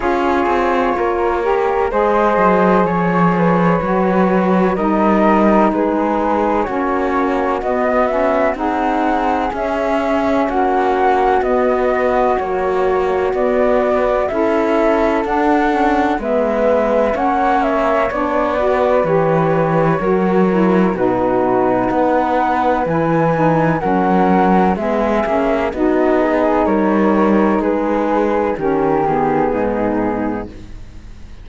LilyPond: <<
  \new Staff \with { instrumentName = "flute" } { \time 4/4 \tempo 4 = 63 cis''2 dis''4 cis''4~ | cis''4 dis''4 b'4 cis''4 | dis''8 e''8 fis''4 e''4 fis''4 | dis''4 cis''4 d''4 e''4 |
fis''4 e''4 fis''8 e''8 d''4 | cis''2 b'4 fis''4 | gis''4 fis''4 e''4 dis''4 | cis''4 b'4 ais'8 gis'4. | }
  \new Staff \with { instrumentName = "flute" } { \time 4/4 gis'4 ais'4 c''4 cis''8 b'8~ | b'4 ais'4 gis'4 fis'4~ | fis'4 gis'2 fis'4~ | fis'2. a'4~ |
a'4 b'4 cis''4. b'8~ | b'4 ais'4 fis'4 b'4~ | b'4 ais'4 gis'4 fis'8 gis'8 | ais'4 gis'4 g'4 dis'4 | }
  \new Staff \with { instrumentName = "saxophone" } { \time 4/4 f'4. g'8 gis'2 | fis'4 dis'2 cis'4 | b8 cis'8 dis'4 cis'2 | b4 fis4 b4 e'4 |
d'8 cis'8 b4 cis'4 d'8 fis'8 | g'4 fis'8 e'8 dis'2 | e'8 dis'8 cis'4 b8 cis'8 dis'4~ | dis'2 cis'8 b4. | }
  \new Staff \with { instrumentName = "cello" } { \time 4/4 cis'8 c'8 ais4 gis8 fis8 f4 | fis4 g4 gis4 ais4 | b4 c'4 cis'4 ais4 | b4 ais4 b4 cis'4 |
d'4 gis4 ais4 b4 | e4 fis4 b,4 b4 | e4 fis4 gis8 ais8 b4 | g4 gis4 dis4 gis,4 | }
>>